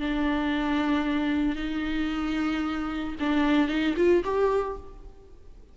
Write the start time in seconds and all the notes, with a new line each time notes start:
0.00 D4
1.56 D#4
3.20 D4
3.68 D#4
3.97 F4
4.24 G4